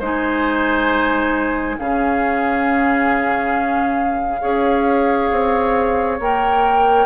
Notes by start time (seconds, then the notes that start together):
0.00 G#3 D#4 C5 G#5
1.78 C#3 C#4 G#4 F5
4.41 C#4 G#4 C#5
5.32 C4
6.20 A#3 A#4 G5